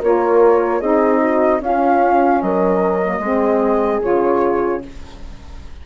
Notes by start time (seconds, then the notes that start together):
0.00 A#3 F4 A#4 C#5
0.80 C4 D#4 G#4 D#5
1.21 F#4
1.61 C#4 F4 F5
2.42 F#3 A#4 D#5
3.02 A#3
3.20 G#3 C4 G#4
4.02 C#3 F4 C#5